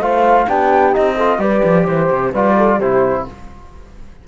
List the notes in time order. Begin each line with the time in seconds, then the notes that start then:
0.00 A3 F4 C5 F5
0.48 B3 D4 G4 G5
0.93 C4 D#4 D#5
1.16 F4 A4
1.39 G3 G4 B4 D5
1.65 F3
1.85 E3 C5
2.12 C3
2.32 G3 F4 B4 D5
2.58 A4
2.77 C3 E4 G4 C5